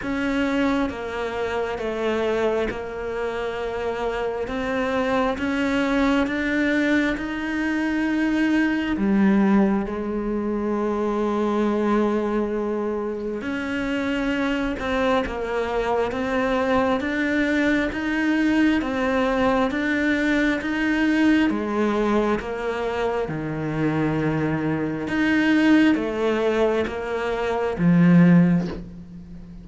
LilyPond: \new Staff \with { instrumentName = "cello" } { \time 4/4 \tempo 4 = 67 cis'4 ais4 a4 ais4~ | ais4 c'4 cis'4 d'4 | dis'2 g4 gis4~ | gis2. cis'4~ |
cis'8 c'8 ais4 c'4 d'4 | dis'4 c'4 d'4 dis'4 | gis4 ais4 dis2 | dis'4 a4 ais4 f4 | }